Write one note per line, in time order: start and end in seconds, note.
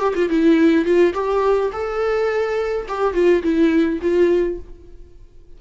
0.00 0.14 G4
0.15 0.30 F4
0.30 0.85 E4
0.85 1.14 F4
1.14 1.71 G4
1.73 2.87 A4
2.88 3.14 G4
3.14 3.42 F4
3.43 4.00 E4
4.02 4.59 F4